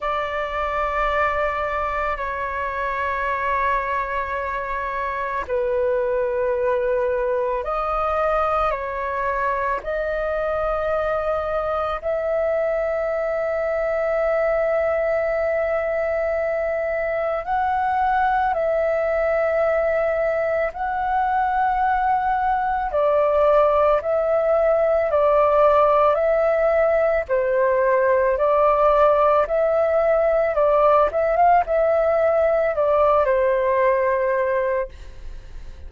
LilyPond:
\new Staff \with { instrumentName = "flute" } { \time 4/4 \tempo 4 = 55 d''2 cis''2~ | cis''4 b'2 dis''4 | cis''4 dis''2 e''4~ | e''1 |
fis''4 e''2 fis''4~ | fis''4 d''4 e''4 d''4 | e''4 c''4 d''4 e''4 | d''8 e''16 f''16 e''4 d''8 c''4. | }